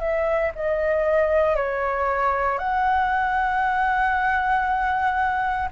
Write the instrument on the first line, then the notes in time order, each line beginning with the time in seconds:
flute
0.00 E5
0.55 D#5
1.56 C#5
2.59 F#5